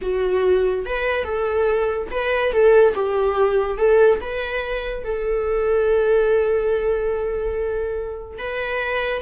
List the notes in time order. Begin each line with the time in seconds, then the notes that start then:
0.01 F#4
0.85 B4
1.24 A4
2.10 B4
2.52 A4
2.94 G4
3.77 A4
4.21 B4
5.03 A4
8.38 B4